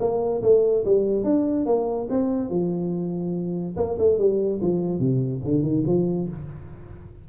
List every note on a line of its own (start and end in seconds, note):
0.00 0.42 A#3
0.42 0.84 A3
0.85 1.24 G3
1.24 1.66 D4
1.66 2.08 A#3
2.10 2.50 C4
2.50 3.76 F3
3.77 3.98 A#3
3.99 4.18 A3
4.18 4.60 G3
4.61 4.99 F3
4.99 5.41 C3
5.44 5.63 D3
5.63 5.84 D#3
5.87 6.29 F3